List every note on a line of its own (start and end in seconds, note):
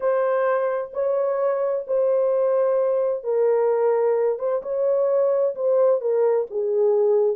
0.00 0.91 C5
0.93 1.85 C#5
1.87 3.23 C5
3.23 4.38 A#4
4.38 4.62 C5
4.62 5.54 C#5
5.55 6.00 C5
6.00 6.46 A#4
6.50 7.36 G#4